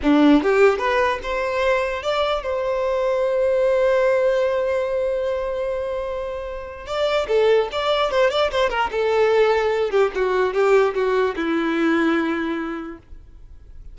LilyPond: \new Staff \with { instrumentName = "violin" } { \time 4/4 \tempo 4 = 148 d'4 g'4 b'4 c''4~ | c''4 d''4 c''2~ | c''1~ | c''1~ |
c''4 d''4 a'4 d''4 | c''8 d''8 c''8 ais'8 a'2~ | a'8 g'8 fis'4 g'4 fis'4 | e'1 | }